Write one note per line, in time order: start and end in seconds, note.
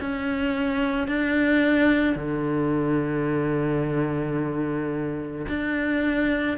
0.00 1.08 C#4
1.08 2.16 D4
2.16 5.46 D3
5.48 6.57 D4